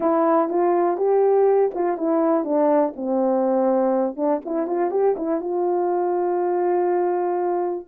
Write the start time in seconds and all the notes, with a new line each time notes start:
0.00 E4
0.49 F4
0.97 G4
1.74 F4
1.97 E4
2.44 D4
2.96 C4
4.16 D4
4.45 E4
4.66 F4
4.90 G4
5.16 E4
5.40 F4